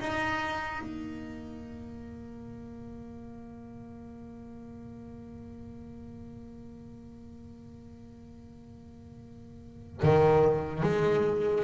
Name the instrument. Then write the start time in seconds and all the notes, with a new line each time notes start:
double bass
0.00 D#4
0.81 A#3
10.03 D#3
10.83 G#3